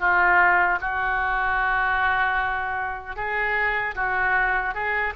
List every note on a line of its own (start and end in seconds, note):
0.00 0.79 F4
0.81 3.17 F#4
3.17 3.95 G#4
3.96 4.75 F#4
4.75 5.14 G#4